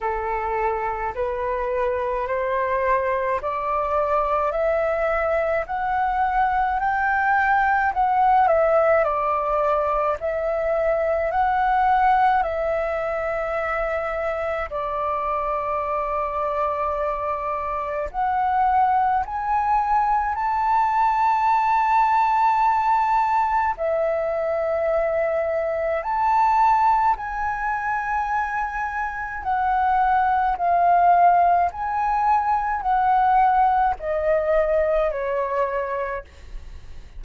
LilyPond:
\new Staff \with { instrumentName = "flute" } { \time 4/4 \tempo 4 = 53 a'4 b'4 c''4 d''4 | e''4 fis''4 g''4 fis''8 e''8 | d''4 e''4 fis''4 e''4~ | e''4 d''2. |
fis''4 gis''4 a''2~ | a''4 e''2 a''4 | gis''2 fis''4 f''4 | gis''4 fis''4 dis''4 cis''4 | }